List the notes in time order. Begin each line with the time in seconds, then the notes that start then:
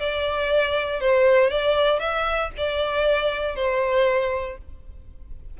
0.00 D5
1.01 C5
1.51 D5
2.00 E5
2.58 D5
3.56 C5